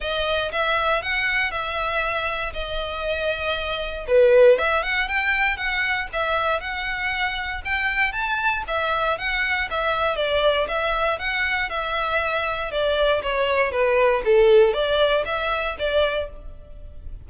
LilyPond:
\new Staff \with { instrumentName = "violin" } { \time 4/4 \tempo 4 = 118 dis''4 e''4 fis''4 e''4~ | e''4 dis''2. | b'4 e''8 fis''8 g''4 fis''4 | e''4 fis''2 g''4 |
a''4 e''4 fis''4 e''4 | d''4 e''4 fis''4 e''4~ | e''4 d''4 cis''4 b'4 | a'4 d''4 e''4 d''4 | }